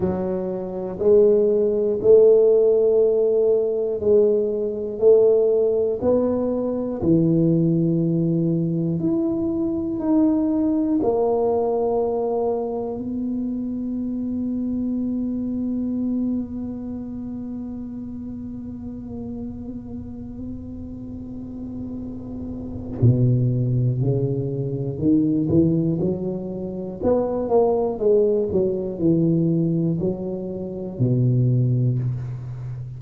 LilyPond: \new Staff \with { instrumentName = "tuba" } { \time 4/4 \tempo 4 = 60 fis4 gis4 a2 | gis4 a4 b4 e4~ | e4 e'4 dis'4 ais4~ | ais4 b2.~ |
b1~ | b2. b,4 | cis4 dis8 e8 fis4 b8 ais8 | gis8 fis8 e4 fis4 b,4 | }